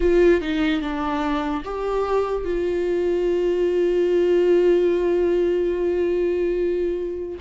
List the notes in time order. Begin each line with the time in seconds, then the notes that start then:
0.00 F4
0.41 D#4
0.81 D4
1.64 G4
2.44 F4